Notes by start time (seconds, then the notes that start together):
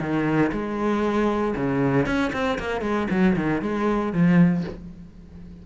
0.00 D#3
0.52 G#3
1.56 C#3
2.06 C#4
2.33 C4
2.59 A#3
2.82 G#3
3.10 F#3
3.36 D#3
3.62 G#3
4.13 F3